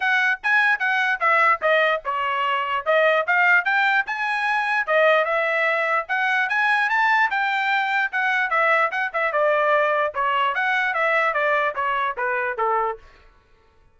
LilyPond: \new Staff \with { instrumentName = "trumpet" } { \time 4/4 \tempo 4 = 148 fis''4 gis''4 fis''4 e''4 | dis''4 cis''2 dis''4 | f''4 g''4 gis''2 | dis''4 e''2 fis''4 |
gis''4 a''4 g''2 | fis''4 e''4 fis''8 e''8 d''4~ | d''4 cis''4 fis''4 e''4 | d''4 cis''4 b'4 a'4 | }